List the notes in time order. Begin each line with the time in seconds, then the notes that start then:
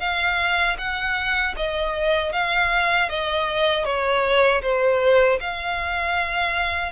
0.00 F5
0.78 F#5
1.56 D#5
2.32 F5
3.09 D#5
3.85 C#5
4.62 C5
5.40 F5